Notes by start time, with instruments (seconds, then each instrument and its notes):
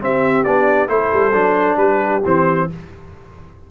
0.00 trombone C4, tuba C4, horn G4, trumpet E5
0.44 tuba B3, trombone D4, trumpet D5
0.87 tuba A3, trombone E4, horn A4, trumpet C5
1.13 tuba G3
1.33 tuba F#3, trombone D4
1.76 tuba G3, horn G4, trumpet B4
2.25 tuba E3, trombone C4, trumpet C5